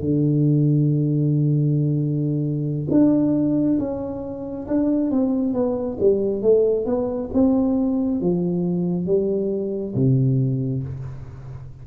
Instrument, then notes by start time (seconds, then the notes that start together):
tuba
0.00 D3
2.90 D4
3.79 C#4
4.68 D4
5.11 C4
5.53 B3
6.00 G3
6.42 A3
6.85 B3
7.33 C4
8.21 F3
9.06 G3
9.95 C3